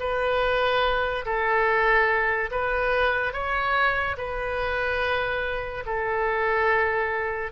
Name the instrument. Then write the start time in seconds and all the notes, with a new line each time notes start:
oboe
0.00 B4
1.25 A4
2.51 B4
3.33 C#5
4.17 B4
5.86 A4